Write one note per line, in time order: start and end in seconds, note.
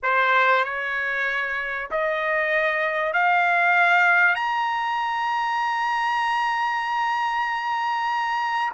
0.02 0.64 C5
0.64 1.89 C#5
1.91 3.13 D#5
3.13 4.35 F5
4.35 8.72 A#5